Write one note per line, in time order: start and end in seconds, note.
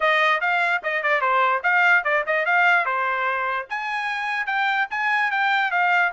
0.00 0.40 D#5
0.40 0.81 F5
0.83 1.02 D#5
1.02 1.21 D5
1.21 1.62 C5
1.63 2.04 F5
2.04 2.24 D5
2.26 2.45 D#5
2.45 2.85 F5
2.85 3.67 C5
3.69 4.46 G#5
4.46 4.87 G5
4.90 5.31 G#5
5.31 5.71 G5
5.71 6.12 F5